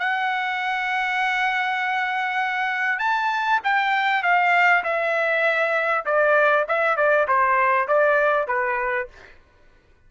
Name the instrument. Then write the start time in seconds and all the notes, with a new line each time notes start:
trumpet
0.00 F#5
2.99 A5
3.64 G5
4.23 F5
4.84 E5
6.06 D5
6.68 E5
6.97 D5
7.28 C5
7.88 D5
8.48 B4